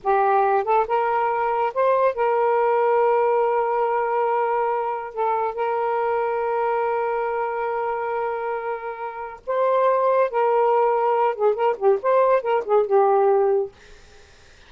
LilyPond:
\new Staff \with { instrumentName = "saxophone" } { \time 4/4 \tempo 4 = 140 g'4. a'8 ais'2 | c''4 ais'2.~ | ais'1 | a'4 ais'2.~ |
ais'1~ | ais'2 c''2 | ais'2~ ais'8 gis'8 ais'8 g'8 | c''4 ais'8 gis'8 g'2 | }